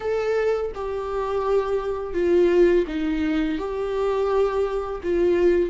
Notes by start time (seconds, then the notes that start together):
0.00 A4
0.74 G4
2.13 F4
2.87 D#4
3.58 G4
5.03 F4